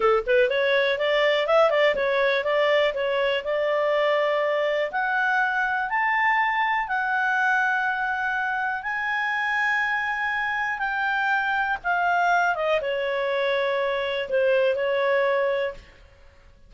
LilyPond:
\new Staff \with { instrumentName = "clarinet" } { \time 4/4 \tempo 4 = 122 a'8 b'8 cis''4 d''4 e''8 d''8 | cis''4 d''4 cis''4 d''4~ | d''2 fis''2 | a''2 fis''2~ |
fis''2 gis''2~ | gis''2 g''2 | f''4. dis''8 cis''2~ | cis''4 c''4 cis''2 | }